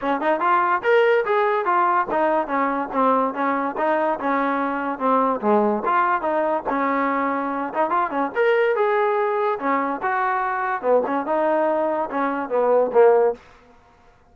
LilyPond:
\new Staff \with { instrumentName = "trombone" } { \time 4/4 \tempo 4 = 144 cis'8 dis'8 f'4 ais'4 gis'4 | f'4 dis'4 cis'4 c'4 | cis'4 dis'4 cis'2 | c'4 gis4 f'4 dis'4 |
cis'2~ cis'8 dis'8 f'8 cis'8 | ais'4 gis'2 cis'4 | fis'2 b8 cis'8 dis'4~ | dis'4 cis'4 b4 ais4 | }